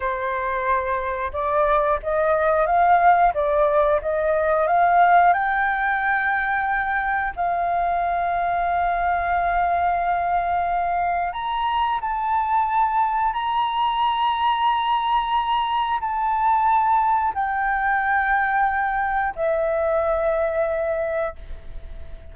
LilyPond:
\new Staff \with { instrumentName = "flute" } { \time 4/4 \tempo 4 = 90 c''2 d''4 dis''4 | f''4 d''4 dis''4 f''4 | g''2. f''4~ | f''1~ |
f''4 ais''4 a''2 | ais''1 | a''2 g''2~ | g''4 e''2. | }